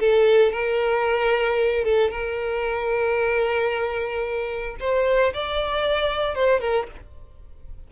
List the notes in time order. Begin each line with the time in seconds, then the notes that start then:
0.00 A4
0.52 A#4
1.84 A4
2.11 A#4
4.80 C5
5.34 D5
6.35 C5
6.61 A#4